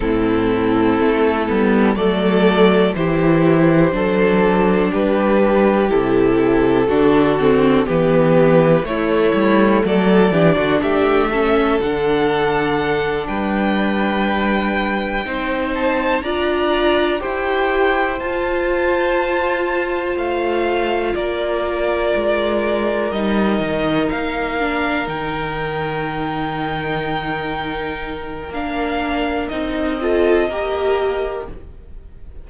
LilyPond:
<<
  \new Staff \with { instrumentName = "violin" } { \time 4/4 \tempo 4 = 61 a'2 d''4 c''4~ | c''4 b'4 a'2 | b'4 cis''4 d''4 e''4 | fis''4. g''2~ g''8 |
a''8 ais''4 g''4 a''4.~ | a''8 f''4 d''2 dis''8~ | dis''8 f''4 g''2~ g''8~ | g''4 f''4 dis''2 | }
  \new Staff \with { instrumentName = "violin" } { \time 4/4 e'2 a'4 g'4 | a'4 g'2 fis'4 | g'4 e'4 a'8 g'16 fis'16 g'8 a'8~ | a'4. b'2 c''8~ |
c''8 d''4 c''2~ c''8~ | c''4. ais'2~ ais'8~ | ais'1~ | ais'2~ ais'8 a'8 ais'4 | }
  \new Staff \with { instrumentName = "viola" } { \time 4/4 c'4. b8 a4 e'4 | d'2 e'4 d'8 c'8 | b4 a4. d'4 cis'8 | d'2.~ d'8 dis'8~ |
dis'8 f'4 g'4 f'4.~ | f'2.~ f'8 dis'8~ | dis'4 d'8 dis'2~ dis'8~ | dis'4 d'4 dis'8 f'8 g'4 | }
  \new Staff \with { instrumentName = "cello" } { \time 4/4 a,4 a8 g8 fis4 e4 | fis4 g4 c4 d4 | e4 a8 g8 fis8 e16 d16 a4 | d4. g2 c'8~ |
c'8 d'4 e'4 f'4.~ | f'8 a4 ais4 gis4 g8 | dis8 ais4 dis2~ dis8~ | dis4 ais4 c'4 ais4 | }
>>